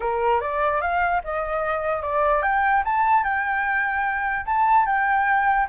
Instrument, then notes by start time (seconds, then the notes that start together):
flute
0.00 A#4
0.41 D5
0.81 F5
1.24 D#5
2.02 D5
2.42 G5
2.84 A5
3.23 G5
4.45 A5
4.86 G5